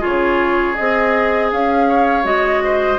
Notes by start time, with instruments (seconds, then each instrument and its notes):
0.00 bassoon C#3, clarinet F4, oboe G#4, flute C#5
0.75 bassoon C4, clarinet G#4, flute D#5
1.52 bassoon C#4, flute F5
1.89 oboe C#5
2.24 bassoon G#3, clarinet F#4, flute D#5
2.64 oboe C5